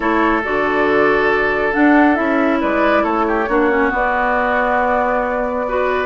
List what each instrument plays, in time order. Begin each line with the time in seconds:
0.00 bassoon A3, clarinet E4, oboe A4, flute C#5
0.43 bassoon D3, clarinet F#4, flute D5
1.72 clarinet D4, bassoon D4, flute F#5
2.14 bassoon C#4, clarinet E4, flute E5
2.60 bassoon G#3, oboe B4, flute D5
3.03 bassoon A3, oboe A4, flute C#5
3.27 oboe G4
3.48 bassoon A#3, clarinet D4, oboe F#4
3.70 clarinet C#4
3.90 clarinet B3, bassoon B3, flute D5
5.68 clarinet F#4, oboe B4